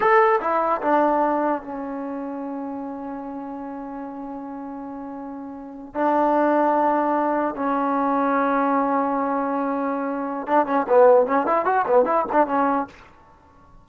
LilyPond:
\new Staff \with { instrumentName = "trombone" } { \time 4/4 \tempo 4 = 149 a'4 e'4 d'2 | cis'1~ | cis'1~ | cis'2~ cis'8. d'4~ d'16~ |
d'2~ d'8. cis'4~ cis'16~ | cis'1~ | cis'2 d'8 cis'8 b4 | cis'8 e'8 fis'8 b8 e'8 d'8 cis'4 | }